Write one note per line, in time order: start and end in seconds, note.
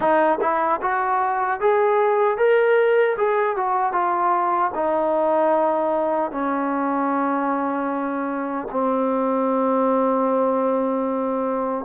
0.00 0.38 D#4
0.41 0.80 E4
0.81 1.60 F#4
1.60 2.37 G#4
2.37 3.16 A#4
3.17 3.56 G#4
3.56 3.92 F#4
3.92 4.71 F4
4.74 6.31 D#4
6.31 8.68 C#4
8.71 11.85 C4